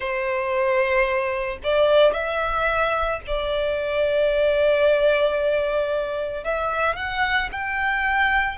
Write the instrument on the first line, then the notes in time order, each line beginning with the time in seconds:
violin
0.00 C5
1.63 D5
2.13 E5
3.26 D5
6.43 E5
6.96 F#5
7.52 G5